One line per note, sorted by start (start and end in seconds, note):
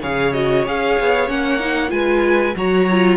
0.00 0.66 C#3
0.00 0.34 G#4
0.00 1.91 C#5
0.00 0.33 F5
0.33 0.66 F#4
0.33 0.65 D#5
0.66 0.99 C#4
0.66 1.27 G#4
0.66 1.29 F5
1.00 1.28 B3
1.27 1.91 A#3
1.27 1.59 C#4
1.27 1.91 F#5
1.59 1.88 D#4
1.88 2.55 G#3
1.88 2.52 F4
1.88 2.56 B4
1.88 2.54 G#5
2.56 3.17 F#3
2.56 2.89 F#4
2.56 3.17 C#5
2.56 3.17 A#5
2.91 3.17 F4